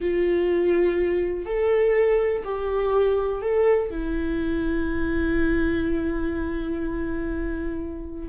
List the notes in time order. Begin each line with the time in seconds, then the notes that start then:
0.00 F4
1.45 A4
2.44 G4
3.41 A4
3.90 E4